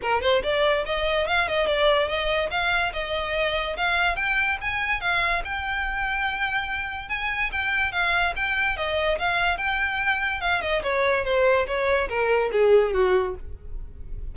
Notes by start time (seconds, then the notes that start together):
0.02 A#4
0.21 C5
0.43 D5
0.85 D#5
1.27 F5
1.48 D#5
1.66 D5
2.07 D#5
2.50 F5
2.93 D#5
3.76 F5
4.16 G5
4.61 G#5
5.00 F5
5.44 G5
7.08 G#5
7.52 G5
7.91 F5
8.35 G5
8.76 D#5
9.18 F5
9.57 G5
10.41 F5
10.61 D#5
10.83 C#5
11.24 C5
11.66 C#5
12.09 A#4
12.52 G#4
12.93 F#4